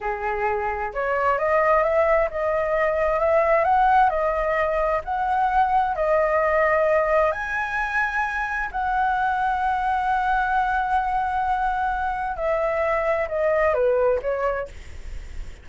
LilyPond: \new Staff \with { instrumentName = "flute" } { \time 4/4 \tempo 4 = 131 gis'2 cis''4 dis''4 | e''4 dis''2 e''4 | fis''4 dis''2 fis''4~ | fis''4 dis''2. |
gis''2. fis''4~ | fis''1~ | fis''2. e''4~ | e''4 dis''4 b'4 cis''4 | }